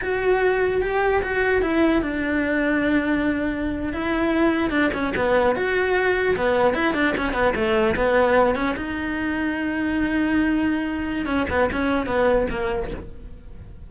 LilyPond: \new Staff \with { instrumentName = "cello" } { \time 4/4 \tempo 4 = 149 fis'2 g'4 fis'4 | e'4 d'2.~ | d'4.~ d'16 e'2 d'16~ | d'16 cis'8 b4 fis'2 b16~ |
b8. e'8 d'8 cis'8 b8 a4 b16~ | b4~ b16 cis'8 dis'2~ dis'16~ | dis'1 | cis'8 b8 cis'4 b4 ais4 | }